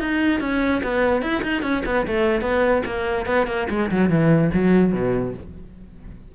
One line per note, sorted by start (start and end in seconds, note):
0.00 0.40 D#4
0.40 0.81 C#4
0.83 1.22 B3
1.22 1.42 E4
1.43 1.62 D#4
1.62 1.83 C#4
1.86 2.06 B3
2.07 2.41 A3
2.41 2.82 B3
2.85 3.26 A#3
3.26 3.47 B3
3.47 3.67 A#3
3.69 3.90 G#3
3.91 4.10 F#3
4.10 4.51 E3
4.53 4.93 F#3
4.93 5.34 B2